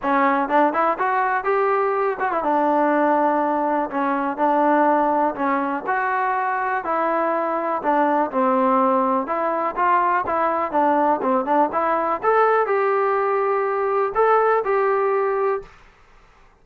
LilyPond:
\new Staff \with { instrumentName = "trombone" } { \time 4/4 \tempo 4 = 123 cis'4 d'8 e'8 fis'4 g'4~ | g'8 fis'16 e'16 d'2. | cis'4 d'2 cis'4 | fis'2 e'2 |
d'4 c'2 e'4 | f'4 e'4 d'4 c'8 d'8 | e'4 a'4 g'2~ | g'4 a'4 g'2 | }